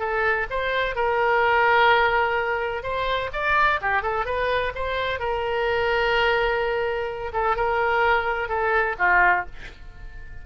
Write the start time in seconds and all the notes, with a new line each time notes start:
0.00 A4
0.51 C5
0.96 A#4
2.83 C5
3.33 D5
3.82 G4
4.03 A4
4.26 B4
4.76 C5
5.20 A#4
7.33 A4
7.57 A#4
8.49 A4
8.99 F4